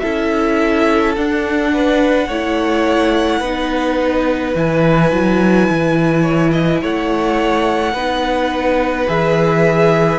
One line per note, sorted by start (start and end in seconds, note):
0.00 1.17 C#4
0.00 1.17 E4
0.00 1.72 A4
0.00 1.13 E5
1.17 2.28 D4
1.17 2.30 D4
1.17 4.56 F#5
1.74 2.28 B4
2.28 3.41 A3
2.28 3.44 E4
2.28 3.40 C#5
3.40 4.54 B3
3.40 4.55 D#4
3.40 6.23 B4
4.55 5.12 E3
4.55 7.95 E4
4.55 6.84 G#5
5.12 5.69 F#3
5.70 6.83 E3
6.23 6.51 C#5
6.52 6.80 D#5
6.82 7.94 A3
6.82 7.94 C#5
6.82 9.09 F#5
7.94 9.07 B3
7.94 9.07 D#4
7.94 10.20 B4
9.07 10.20 E3
9.07 10.20 G#4
9.07 10.20 E5